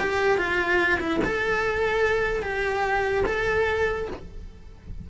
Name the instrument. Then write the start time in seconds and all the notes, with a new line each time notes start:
cello
0.00 G4
0.38 F4
1.00 E4
1.25 A4
2.43 G4
3.26 A4